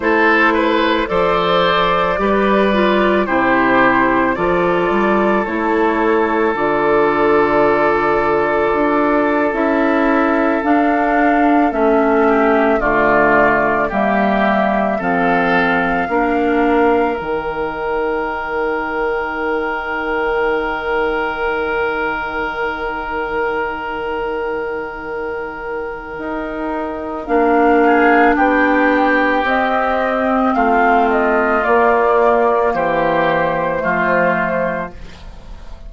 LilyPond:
<<
  \new Staff \with { instrumentName = "flute" } { \time 4/4 \tempo 4 = 55 c''4 d''2 c''4 | d''4 cis''4 d''2~ | d''8. e''4 f''4 e''4 d''16~ | d''8. e''4 f''2 g''16~ |
g''1~ | g''1~ | g''4 f''4 g''4 dis''4 | f''8 dis''8 d''4 c''2 | }
  \new Staff \with { instrumentName = "oboe" } { \time 4/4 a'8 b'8 c''4 b'4 g'4 | a'1~ | a'2.~ a'16 g'8 f'16~ | f'8. g'4 a'4 ais'4~ ais'16~ |
ais'1~ | ais'1~ | ais'4. gis'8 g'2 | f'2 g'4 f'4 | }
  \new Staff \with { instrumentName = "clarinet" } { \time 4/4 e'4 a'4 g'8 f'8 e'4 | f'4 e'4 f'2~ | f'8. e'4 d'4 cis'4 a16~ | a8. ais4 c'4 d'4 dis'16~ |
dis'1~ | dis'1~ | dis'4 d'2 c'4~ | c'4 ais2 a4 | }
  \new Staff \with { instrumentName = "bassoon" } { \time 4/4 a4 f4 g4 c4 | f8 g8 a4 d2 | d'8. cis'4 d'4 a4 d16~ | d8. g4 f4 ais4 dis16~ |
dis1~ | dis1 | dis'4 ais4 b4 c'4 | a4 ais4 e4 f4 | }
>>